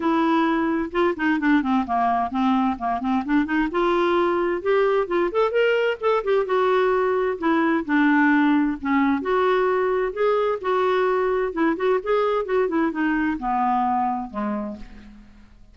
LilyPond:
\new Staff \with { instrumentName = "clarinet" } { \time 4/4 \tempo 4 = 130 e'2 f'8 dis'8 d'8 c'8 | ais4 c'4 ais8 c'8 d'8 dis'8 | f'2 g'4 f'8 a'8 | ais'4 a'8 g'8 fis'2 |
e'4 d'2 cis'4 | fis'2 gis'4 fis'4~ | fis'4 e'8 fis'8 gis'4 fis'8 e'8 | dis'4 b2 gis4 | }